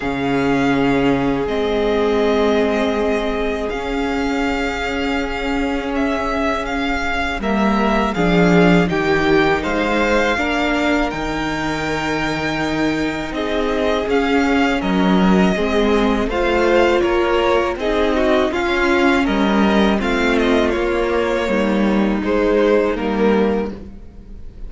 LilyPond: <<
  \new Staff \with { instrumentName = "violin" } { \time 4/4 \tempo 4 = 81 f''2 dis''2~ | dis''4 f''2. | e''4 f''4 e''4 f''4 | g''4 f''2 g''4~ |
g''2 dis''4 f''4 | dis''2 f''4 cis''4 | dis''4 f''4 dis''4 f''8 dis''8 | cis''2 c''4 ais'4 | }
  \new Staff \with { instrumentName = "violin" } { \time 4/4 gis'1~ | gis'1~ | gis'2 ais'4 gis'4 | g'4 c''4 ais'2~ |
ais'2 gis'2 | ais'4 gis'4 c''4 ais'4 | gis'8 fis'8 f'4 ais'4 f'4~ | f'4 dis'2. | }
  \new Staff \with { instrumentName = "viola" } { \time 4/4 cis'2 c'2~ | c'4 cis'2.~ | cis'2 ais4 d'4 | dis'2 d'4 dis'4~ |
dis'2. cis'4~ | cis'4 c'4 f'2 | dis'4 cis'2 c'4 | ais2 gis4 ais4 | }
  \new Staff \with { instrumentName = "cello" } { \time 4/4 cis2 gis2~ | gis4 cis'2.~ | cis'2 g4 f4 | dis4 gis4 ais4 dis4~ |
dis2 c'4 cis'4 | fis4 gis4 a4 ais4 | c'4 cis'4 g4 a4 | ais4 g4 gis4 g4 | }
>>